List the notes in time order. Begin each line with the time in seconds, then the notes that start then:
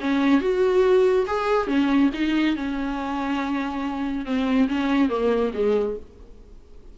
0.00 C#4
0.41 F#4
1.27 G#4
1.67 C#4
2.13 D#4
2.56 C#4
4.25 C4
4.68 C#4
5.09 A#3
5.53 G#3